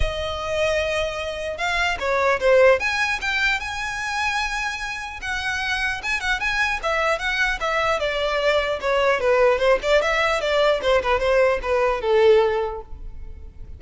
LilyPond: \new Staff \with { instrumentName = "violin" } { \time 4/4 \tempo 4 = 150 dis''1 | f''4 cis''4 c''4 gis''4 | g''4 gis''2.~ | gis''4 fis''2 gis''8 fis''8 |
gis''4 e''4 fis''4 e''4 | d''2 cis''4 b'4 | c''8 d''8 e''4 d''4 c''8 b'8 | c''4 b'4 a'2 | }